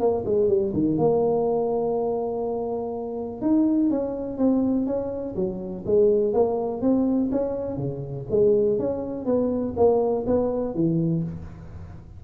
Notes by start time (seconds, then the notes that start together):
0.00 A#3
0.26 G#3
0.49 G3
0.74 D#3
0.98 A#3
3.42 D#4
3.90 C#4
4.38 C4
4.87 C#4
5.36 F#3
5.86 G#3
6.34 A#3
6.82 C4
7.32 C#4
7.77 C#3
8.31 G#3
8.80 C#4
9.26 B3
9.77 A#3
10.27 B3
10.75 E3